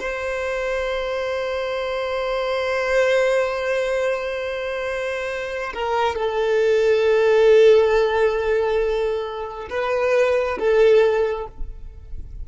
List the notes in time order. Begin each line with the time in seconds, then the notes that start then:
0.00 C5
5.74 A#4
6.16 A4
9.71 B4
10.59 A4